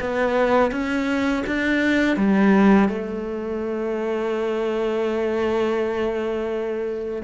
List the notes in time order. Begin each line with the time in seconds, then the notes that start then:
0.00 B3
0.71 C#4
1.47 D4
2.17 G3
2.89 A3